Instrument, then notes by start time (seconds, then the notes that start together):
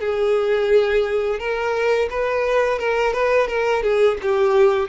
violin
0.00 G#4
1.39 A#4
2.10 B4
2.78 A#4
3.13 B4
3.48 A#4
3.83 G#4
4.22 G4